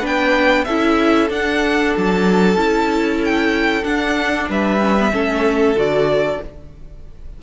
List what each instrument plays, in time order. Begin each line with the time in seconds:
0.00 cello B3, viola D4, violin B4 G5
0.64 cello C#4, viola E4, violin A4 E5
1.28 viola D4, cello D4, violin F#5
1.96 cello F#3, violin A5
2.55 cello C#4, viola E4
3.24 violin G5
3.82 viola D4, cello D4, violin F#5
4.48 cello G3, violin B4 E5
4.80 viola C#4
4.99 viola B3
5.11 cello A3, viola C#4, violin A4
5.74 cello D3, viola F#4, violin D5